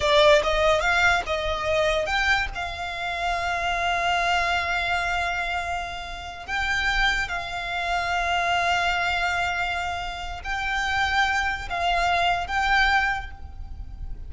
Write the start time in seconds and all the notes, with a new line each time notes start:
0.00 D5
0.43 D#5
0.80 F5
1.26 D#5
2.06 G5
2.54 F5
6.46 G5
7.28 F5
10.44 G5
11.69 F5
12.47 G5